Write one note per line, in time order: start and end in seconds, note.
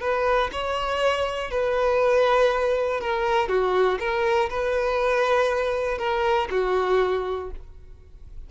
0.00 0.50 B4
0.52 1.50 C#5
1.50 3.00 B4
3.00 3.48 A#4
3.48 3.98 F#4
3.99 4.49 A#4
4.50 5.98 B4
5.98 6.48 A#4
6.50 7.50 F#4